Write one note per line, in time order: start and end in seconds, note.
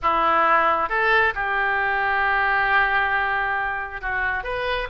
0.02 0.89 E4
0.89 1.33 A4
1.35 4.01 G4
4.01 4.43 F#4
4.43 4.87 B4